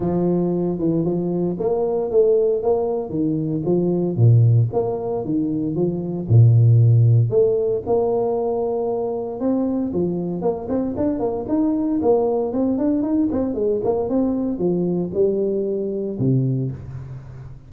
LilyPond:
\new Staff \with { instrumentName = "tuba" } { \time 4/4 \tempo 4 = 115 f4. e8 f4 ais4 | a4 ais4 dis4 f4 | ais,4 ais4 dis4 f4 | ais,2 a4 ais4~ |
ais2 c'4 f4 | ais8 c'8 d'8 ais8 dis'4 ais4 | c'8 d'8 dis'8 c'8 gis8 ais8 c'4 | f4 g2 c4 | }